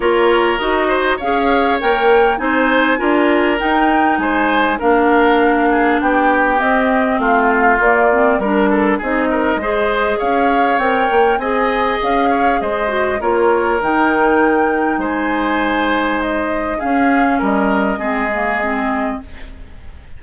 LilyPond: <<
  \new Staff \with { instrumentName = "flute" } { \time 4/4 \tempo 4 = 100 cis''4 dis''4 f''4 g''4 | gis''2 g''4 gis''4 | f''2 g''4 dis''4 | f''4 d''4 ais'4 dis''4~ |
dis''4 f''4 g''4 gis''4 | f''4 dis''4 cis''4 g''4~ | g''4 gis''2 dis''4 | f''4 dis''2. | }
  \new Staff \with { instrumentName = "oboe" } { \time 4/4 ais'4. c''8 cis''2 | c''4 ais'2 c''4 | ais'4. gis'8 g'2 | f'2 ais'8 a'8 gis'8 ais'8 |
c''4 cis''2 dis''4~ | dis''8 cis''8 c''4 ais'2~ | ais'4 c''2. | gis'4 ais'4 gis'2 | }
  \new Staff \with { instrumentName = "clarinet" } { \time 4/4 f'4 fis'4 gis'4 ais'4 | dis'4 f'4 dis'2 | d'2. c'4~ | c'4 ais8 c'8 d'4 dis'4 |
gis'2 ais'4 gis'4~ | gis'4. fis'8 f'4 dis'4~ | dis'1 | cis'2 c'8 ais8 c'4 | }
  \new Staff \with { instrumentName = "bassoon" } { \time 4/4 ais4 dis'4 cis'4 ais4 | c'4 d'4 dis'4 gis4 | ais2 b4 c'4 | a4 ais4 g4 c'4 |
gis4 cis'4 c'8 ais8 c'4 | cis'4 gis4 ais4 dis4~ | dis4 gis2. | cis'4 g4 gis2 | }
>>